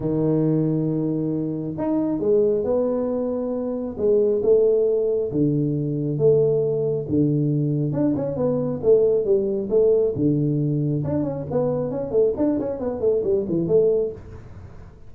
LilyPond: \new Staff \with { instrumentName = "tuba" } { \time 4/4 \tempo 4 = 136 dis1 | dis'4 gis4 b2~ | b4 gis4 a2 | d2 a2 |
d2 d'8 cis'8 b4 | a4 g4 a4 d4~ | d4 d'8 cis'8 b4 cis'8 a8 | d'8 cis'8 b8 a8 g8 e8 a4 | }